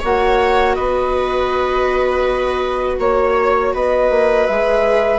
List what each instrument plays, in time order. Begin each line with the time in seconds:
0.00 bassoon A#3, viola F#4 C#5, flute F#5
0.75 bassoon B3, viola B4, flute D#5
2.99 bassoon A#3, viola C#5, flute C#5
3.74 bassoon B3, viola B4, flute D#5
4.10 bassoon A#3
4.46 bassoon G#3, viola G#4, flute E5